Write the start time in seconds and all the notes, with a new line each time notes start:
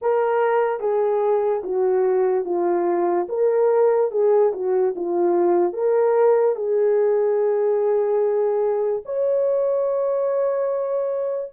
0.01 A#4
0.80 G#4
1.63 F#4
2.44 F4
3.29 A#4
4.11 G#4
4.53 F#4
4.95 F4
5.73 A#4
6.55 G#4
9.04 C#5